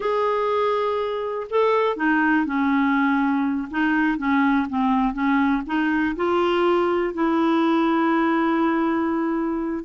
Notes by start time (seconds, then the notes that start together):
0.00 G#4
1.50 A4
1.96 D#4
2.45 C#4
3.70 D#4
4.18 C#4
4.69 C4
5.13 C#4
5.66 D#4
6.15 F4
7.13 E4